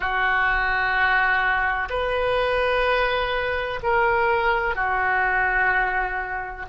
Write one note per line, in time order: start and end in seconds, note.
0.00 1.88 F#4
1.89 3.80 B4
3.83 4.75 A#4
4.75 6.65 F#4